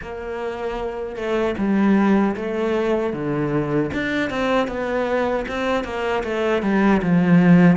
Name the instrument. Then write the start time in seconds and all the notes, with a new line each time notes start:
cello
0.02 A#3
1.15 A3
1.58 G3
2.36 A3
3.13 D3
3.93 D4
4.30 C4
4.67 B3
5.48 C4
5.84 A#3
6.23 A3
6.62 G3
7.02 F3